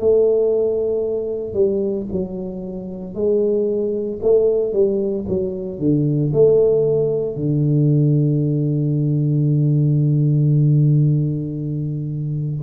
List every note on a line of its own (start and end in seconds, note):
0.00 1.54 A3
1.54 2.07 G3
2.12 3.15 F#3
3.15 4.21 G#3
4.22 4.73 A3
4.73 5.26 G3
5.29 5.79 F#3
5.79 6.32 D3
6.33 7.36 A3
7.36 12.62 D3